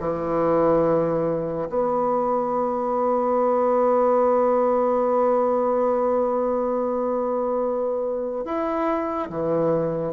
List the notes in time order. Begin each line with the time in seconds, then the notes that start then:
0.00 E3
1.69 B3
8.45 E4
9.30 E3